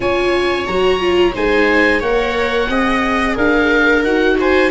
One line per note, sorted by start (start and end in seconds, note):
0.00 0.66 C#4
0.00 0.67 F4
0.00 1.34 C#5
0.00 0.67 G#5
0.67 1.34 F#3
0.67 0.99 F#4
0.67 1.34 A#5
0.99 1.33 F4
1.34 2.01 G#3
1.34 2.01 D#4
1.34 1.99 C5
1.34 2.02 G#5
1.99 2.68 A#3
1.99 2.69 A#4
1.99 2.67 C#5
1.99 3.37 F#5
2.68 3.36 C4
2.68 4.04 G#4
2.68 3.35 D#5
3.35 4.03 D4
3.35 4.36 A#4
3.35 4.04 F5
4.03 4.70 D#4
4.03 4.70 F#4
4.03 4.37 F#5
4.39 4.70 C5
4.39 4.70 G#5